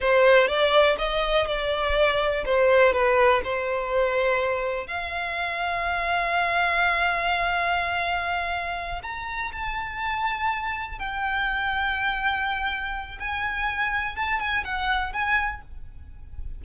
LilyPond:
\new Staff \with { instrumentName = "violin" } { \time 4/4 \tempo 4 = 123 c''4 d''4 dis''4 d''4~ | d''4 c''4 b'4 c''4~ | c''2 f''2~ | f''1~ |
f''2~ f''8 ais''4 a''8~ | a''2~ a''8 g''4.~ | g''2. gis''4~ | gis''4 a''8 gis''8 fis''4 gis''4 | }